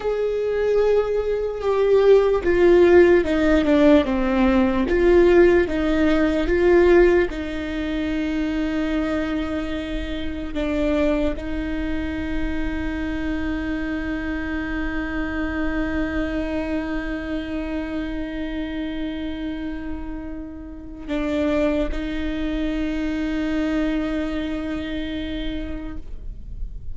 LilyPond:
\new Staff \with { instrumentName = "viola" } { \time 4/4 \tempo 4 = 74 gis'2 g'4 f'4 | dis'8 d'8 c'4 f'4 dis'4 | f'4 dis'2.~ | dis'4 d'4 dis'2~ |
dis'1~ | dis'1~ | dis'2 d'4 dis'4~ | dis'1 | }